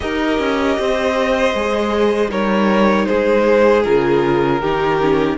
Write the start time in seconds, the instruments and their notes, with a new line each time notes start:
0.00 cello D#4, viola G4, violin A#4 D#5
0.39 cello C#4
0.78 cello C4, violin C5
1.54 cello G#3, viola G#4
2.29 cello G3, viola D#4, violin A#4 C#5
3.06 cello G#3, violin G#4 C5
3.83 cello C#3, viola F4, violin A#4
4.61 cello D#3, viola D#4, violin G4
5.01 viola C#4